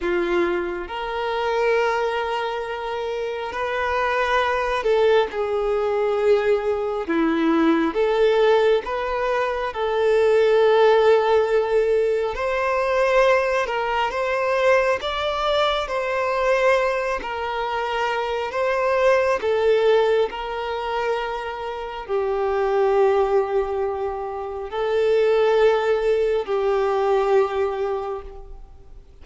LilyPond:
\new Staff \with { instrumentName = "violin" } { \time 4/4 \tempo 4 = 68 f'4 ais'2. | b'4. a'8 gis'2 | e'4 a'4 b'4 a'4~ | a'2 c''4. ais'8 |
c''4 d''4 c''4. ais'8~ | ais'4 c''4 a'4 ais'4~ | ais'4 g'2. | a'2 g'2 | }